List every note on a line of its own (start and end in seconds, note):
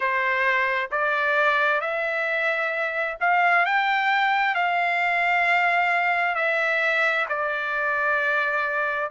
0.00 0.89 C5
0.91 1.81 D5
1.81 3.17 E5
3.20 3.65 F5
3.65 4.55 G5
4.55 6.35 F5
6.35 7.26 E5
7.28 9.10 D5